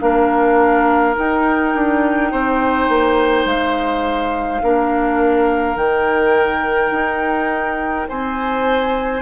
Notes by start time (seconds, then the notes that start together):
0.00 A#3 D4 A#4 F5
1.16 D#4 G5
1.75 D4
2.32 C4 C5
2.89 A#3
3.46 G#3 F5
4.63 A#3 D4 A#4
5.76 D#3 D#4 G5
6.91 D#4
8.09 C4 C5 G#5